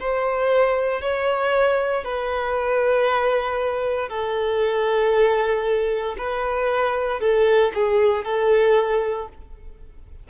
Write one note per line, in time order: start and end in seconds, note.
0.00 1.01 C5
1.01 2.04 C#5
2.04 4.09 B4
4.09 6.16 A4
6.18 7.20 B4
7.20 7.72 A4
7.74 8.25 G#4
8.25 9.28 A4